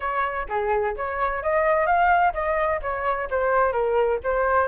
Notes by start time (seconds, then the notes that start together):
0.00 C#5
0.48 G#4
0.96 C#5
1.42 D#5
1.86 F5
2.33 D#5
2.82 C#5
3.30 C5
3.72 A#4
4.23 C5